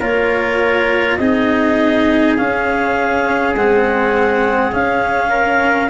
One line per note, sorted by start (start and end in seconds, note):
0.00 1.18 A#3
0.00 1.20 F4
0.00 1.18 A#4
0.00 1.18 C#5
1.18 2.37 C4
1.18 2.38 D#4
1.18 5.30 G#4
1.18 2.35 D#5
2.37 3.56 C#4
2.37 3.55 C#4
2.37 3.55 F5
3.55 4.73 G#3
3.55 4.72 C4
3.55 4.73 F#5
4.72 5.90 C#4
4.72 5.90 F5
5.30 5.89 A#4